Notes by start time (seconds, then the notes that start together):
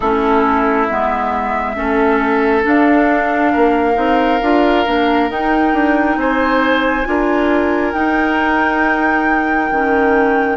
0.00 A3 C#4 E4 A4
0.86 G#3 B3 E5
1.75 A3 C#4 A4
2.62 D4 F5
3.51 A#3 A#4
3.94 C4 D#4
4.41 D4 F4
4.85 A#3 D4
5.29 D#4 G5
5.73 D4
6.16 C4 C5 G#5
7.05 D4 F4 A#4
7.92 D#4 G5
9.70 D#3 C#4